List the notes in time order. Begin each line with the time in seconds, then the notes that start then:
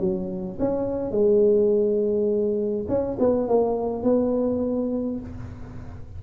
0.00 F#3
0.59 C#4
1.11 G#3
2.88 C#4
3.19 B3
3.48 A#3
4.04 B3